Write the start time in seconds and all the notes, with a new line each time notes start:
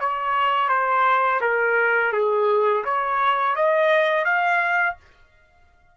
0.00 C#5
0.69 C5
1.41 A#4
2.12 G#4
2.84 C#5
3.55 D#5
4.25 F5